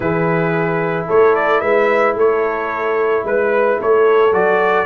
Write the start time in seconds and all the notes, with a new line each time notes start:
0.00 E3 E4 G#4 B4
1.07 A3 A4 C#5
1.35 D5
1.60 G#3 B4 E5
2.15 A3 A4 C#5
3.24 G#3 B4
3.79 A3 A4 C#5
4.32 F#3 F#4 D5